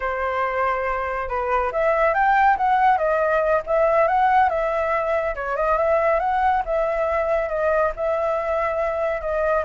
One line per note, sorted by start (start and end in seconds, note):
0.00 1.28 C5
1.28 1.71 B4
1.71 2.14 E5
2.14 2.56 G5
2.57 2.97 F#5
2.97 3.62 D#5
3.66 4.07 E5
4.07 4.49 F#5
4.49 5.35 E5
5.35 5.56 C#5
5.56 5.77 D#5
5.77 6.19 E5
6.19 6.62 F#5
6.65 7.49 E5
7.49 7.91 D#5
7.96 9.21 E5
9.21 9.64 D#5